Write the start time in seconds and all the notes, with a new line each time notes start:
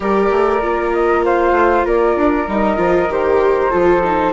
0.00 G3 G4 A#4 D5
0.30 A3
0.61 A#3 F4
0.92 D#5
1.25 C5 F5
1.51 A3
1.85 A#3 A#4 D5
2.16 D4
2.47 G3 D#4 D#5
2.76 F3 F4
3.09 D#3 G4 C5
3.70 F3 F4 A4
4.03 D#4